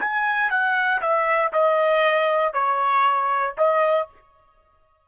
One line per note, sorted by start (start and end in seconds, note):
0.00 0.50 G#5
0.50 1.01 F#5
1.02 1.53 E5
1.53 2.54 D#5
2.54 3.55 C#5
3.58 4.09 D#5